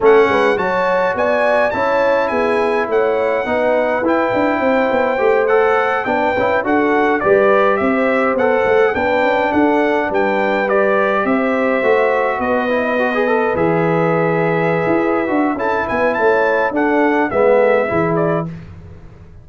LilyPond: <<
  \new Staff \with { instrumentName = "trumpet" } { \time 4/4 \tempo 4 = 104 fis''4 a''4 gis''4 a''4 | gis''4 fis''2 g''4~ | g''4. fis''4 g''4 fis''8~ | fis''8 d''4 e''4 fis''4 g''8~ |
g''8 fis''4 g''4 d''4 e''8~ | e''4. dis''2 e''8~ | e''2. a''8 gis''8 | a''4 fis''4 e''4. d''8 | }
  \new Staff \with { instrumentName = "horn" } { \time 4/4 a'8 b'8 cis''4 d''4 cis''4 | gis'4 cis''4 b'2 | c''2~ c''8 b'4 a'8~ | a'8 b'4 c''2 b'8~ |
b'8 a'4 b'2 c''8~ | c''4. b'2~ b'8~ | b'2. a'8 b'8 | cis''4 a'4 b'8 a'8 gis'4 | }
  \new Staff \with { instrumentName = "trombone" } { \time 4/4 cis'4 fis'2 e'4~ | e'2 dis'4 e'4~ | e'4 g'8 a'4 d'8 e'8 fis'8~ | fis'8 g'2 a'4 d'8~ |
d'2~ d'8 g'4.~ | g'8 fis'4. e'8 fis'16 gis'16 a'8 gis'8~ | gis'2~ gis'8 fis'8 e'4~ | e'4 d'4 b4 e'4 | }
  \new Staff \with { instrumentName = "tuba" } { \time 4/4 a8 gis8 fis4 b4 cis'4 | b4 a4 b4 e'8 d'8 | c'8 b8 a4. b8 cis'8 d'8~ | d'8 g4 c'4 b8 a8 b8 |
cis'8 d'4 g2 c'8~ | c'8 a4 b2 e8~ | e4.~ e16 e'8. d'8 cis'8 b8 | a4 d'4 gis4 e4 | }
>>